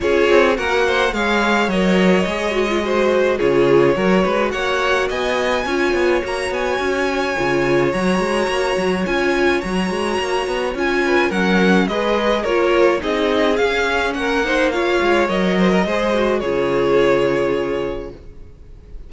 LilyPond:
<<
  \new Staff \with { instrumentName = "violin" } { \time 4/4 \tempo 4 = 106 cis''4 fis''4 f''4 dis''4~ | dis''2 cis''2 | fis''4 gis''2 ais''8 gis''8~ | gis''2 ais''2 |
gis''4 ais''2 gis''4 | fis''4 dis''4 cis''4 dis''4 | f''4 fis''4 f''4 dis''4~ | dis''4 cis''2. | }
  \new Staff \with { instrumentName = "violin" } { \time 4/4 gis'4 ais'8 c''8 cis''2~ | cis''4 c''4 gis'4 ais'8 b'8 | cis''4 dis''4 cis''2~ | cis''1~ |
cis''2.~ cis''8 b'8 | ais'4 b'4 ais'4 gis'4~ | gis'4 ais'8 c''8 cis''4. c''16 ais'16 | c''4 gis'2. | }
  \new Staff \with { instrumentName = "viola" } { \time 4/4 f'4 fis'4 gis'4 ais'4 | gis'8 fis'16 f'16 fis'4 f'4 fis'4~ | fis'2 f'4 fis'4~ | fis'4 f'4 fis'2 |
f'4 fis'2 f'4 | cis'4 gis'4 f'4 dis'4 | cis'4. dis'8 f'4 ais'4 | gis'8 fis'8 f'2. | }
  \new Staff \with { instrumentName = "cello" } { \time 4/4 cis'8 c'8 ais4 gis4 fis4 | gis2 cis4 fis8 gis8 | ais4 b4 cis'8 b8 ais8 b8 | cis'4 cis4 fis8 gis8 ais8 fis8 |
cis'4 fis8 gis8 ais8 b8 cis'4 | fis4 gis4 ais4 c'4 | cis'4 ais4. gis8 fis4 | gis4 cis2. | }
>>